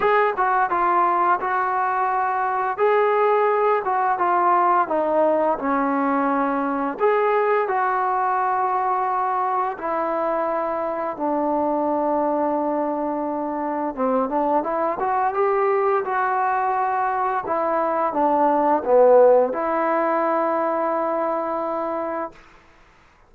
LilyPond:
\new Staff \with { instrumentName = "trombone" } { \time 4/4 \tempo 4 = 86 gis'8 fis'8 f'4 fis'2 | gis'4. fis'8 f'4 dis'4 | cis'2 gis'4 fis'4~ | fis'2 e'2 |
d'1 | c'8 d'8 e'8 fis'8 g'4 fis'4~ | fis'4 e'4 d'4 b4 | e'1 | }